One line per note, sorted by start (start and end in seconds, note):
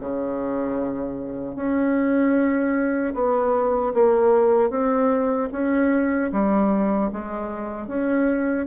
0.00 1.56 C#3
1.56 3.14 C#4
3.14 3.93 B3
3.94 4.70 A#3
4.70 5.49 C4
5.52 6.31 C#4
6.32 7.11 G3
7.13 7.88 G#3
7.88 8.67 C#4